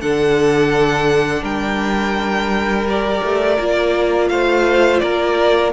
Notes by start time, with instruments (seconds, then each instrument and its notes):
0.00 cello D3, viola D4, violin A4 F#5
1.42 cello G3, violin A#4 G5
2.88 viola G4, violin D5
3.23 cello A3
3.58 cello A#3, viola F4
4.28 cello A3, violin C5 F5
4.99 cello A#3, violin A#4 D5